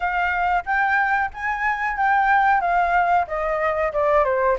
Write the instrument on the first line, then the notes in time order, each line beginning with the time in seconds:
flute
0.00 F5
0.65 G5
1.33 G#5
1.96 G5
2.61 F5
3.27 D#5
3.92 D5
4.24 C5